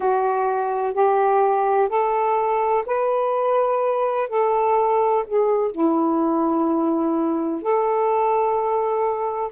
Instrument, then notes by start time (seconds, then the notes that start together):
saxophone
0.00 F#4
0.93 G4
1.88 A4
2.86 B4
4.29 A4
5.26 G#4
5.71 E4
7.61 A4